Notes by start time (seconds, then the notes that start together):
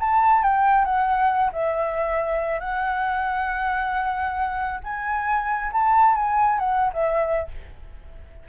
0.00 A5
0.43 G5
0.85 F#5
1.53 E5
2.60 F#5
4.84 G#5
5.73 A5
6.16 G#5
6.59 F#5
6.94 E5